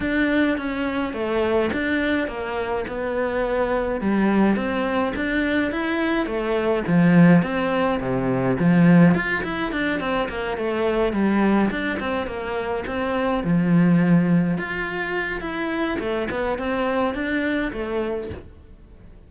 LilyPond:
\new Staff \with { instrumentName = "cello" } { \time 4/4 \tempo 4 = 105 d'4 cis'4 a4 d'4 | ais4 b2 g4 | c'4 d'4 e'4 a4 | f4 c'4 c4 f4 |
f'8 e'8 d'8 c'8 ais8 a4 g8~ | g8 d'8 c'8 ais4 c'4 f8~ | f4. f'4. e'4 | a8 b8 c'4 d'4 a4 | }